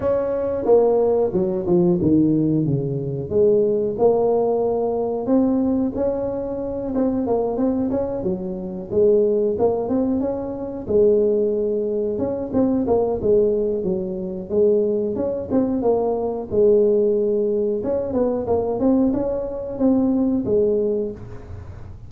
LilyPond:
\new Staff \with { instrumentName = "tuba" } { \time 4/4 \tempo 4 = 91 cis'4 ais4 fis8 f8 dis4 | cis4 gis4 ais2 | c'4 cis'4. c'8 ais8 c'8 | cis'8 fis4 gis4 ais8 c'8 cis'8~ |
cis'8 gis2 cis'8 c'8 ais8 | gis4 fis4 gis4 cis'8 c'8 | ais4 gis2 cis'8 b8 | ais8 c'8 cis'4 c'4 gis4 | }